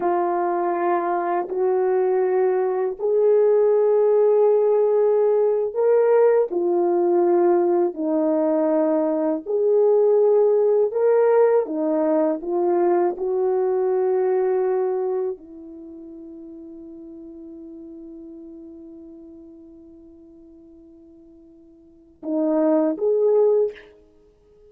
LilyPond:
\new Staff \with { instrumentName = "horn" } { \time 4/4 \tempo 4 = 81 f'2 fis'2 | gis'2.~ gis'8. ais'16~ | ais'8. f'2 dis'4~ dis'16~ | dis'8. gis'2 ais'4 dis'16~ |
dis'8. f'4 fis'2~ fis'16~ | fis'8. e'2.~ e'16~ | e'1~ | e'2 dis'4 gis'4 | }